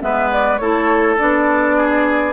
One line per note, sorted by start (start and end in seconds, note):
0.00 0.59 G#3
0.00 0.58 B3
0.00 0.60 B4
0.00 0.30 E5
0.31 0.57 D5
0.57 1.18 A3
0.57 1.17 E4
0.57 1.76 A4
0.57 1.15 C#5
1.17 2.33 B3
1.17 2.33 D4
1.17 2.33 D5
1.76 2.33 G#4